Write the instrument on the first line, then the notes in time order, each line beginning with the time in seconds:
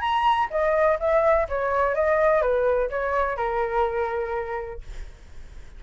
flute
0.00 A#5
0.50 D#5
0.99 E5
1.48 C#5
1.94 D#5
2.41 B4
2.90 C#5
3.37 A#4